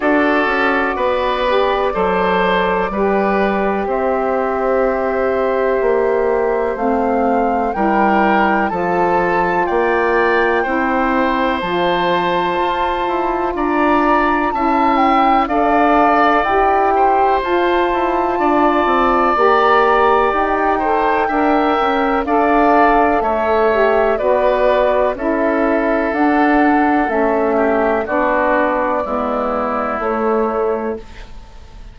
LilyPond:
<<
  \new Staff \with { instrumentName = "flute" } { \time 4/4 \tempo 4 = 62 d''1 | e''2. f''4 | g''4 a''4 g''2 | a''2 ais''4 a''8 g''8 |
f''4 g''4 a''2 | ais''4 g''2 f''4 | e''4 d''4 e''4 fis''4 | e''4 d''2 cis''4 | }
  \new Staff \with { instrumentName = "oboe" } { \time 4/4 a'4 b'4 c''4 b'4 | c''1 | ais'4 a'4 d''4 c''4~ | c''2 d''4 e''4 |
d''4. c''4. d''4~ | d''4. c''8 e''4 d''4 | cis''4 b'4 a'2~ | a'8 g'8 fis'4 e'2 | }
  \new Staff \with { instrumentName = "saxophone" } { \time 4/4 fis'4. g'8 a'4 g'4~ | g'2. c'4 | e'4 f'2 e'4 | f'2. e'4 |
a'4 g'4 f'2 | g'4. a'8 ais'4 a'4~ | a'8 g'8 fis'4 e'4 d'4 | cis'4 d'4 b4 a4 | }
  \new Staff \with { instrumentName = "bassoon" } { \time 4/4 d'8 cis'8 b4 fis4 g4 | c'2 ais4 a4 | g4 f4 ais4 c'4 | f4 f'8 e'8 d'4 cis'4 |
d'4 e'4 f'8 e'8 d'8 c'8 | ais4 dis'4 d'8 cis'8 d'4 | a4 b4 cis'4 d'4 | a4 b4 gis4 a4 | }
>>